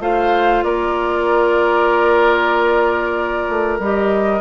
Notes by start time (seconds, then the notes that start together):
0.00 A3 F4 C5 F5
0.64 A#3 A#4 D5
3.49 A3
3.79 G3 G4 D#5